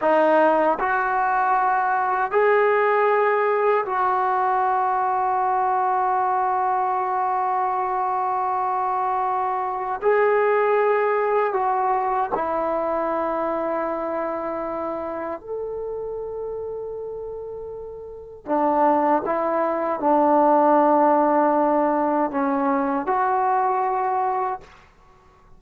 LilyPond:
\new Staff \with { instrumentName = "trombone" } { \time 4/4 \tempo 4 = 78 dis'4 fis'2 gis'4~ | gis'4 fis'2.~ | fis'1~ | fis'4 gis'2 fis'4 |
e'1 | a'1 | d'4 e'4 d'2~ | d'4 cis'4 fis'2 | }